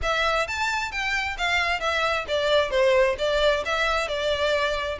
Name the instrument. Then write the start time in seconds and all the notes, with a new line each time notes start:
violin
0.02 E5
0.47 A5
0.91 G5
1.37 F5
1.80 E5
2.27 D5
2.70 C5
3.18 D5
3.65 E5
4.08 D5